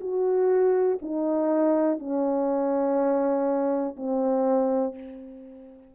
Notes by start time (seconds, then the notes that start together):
0.00 F#4
1.01 D#4
1.99 C#4
3.96 C4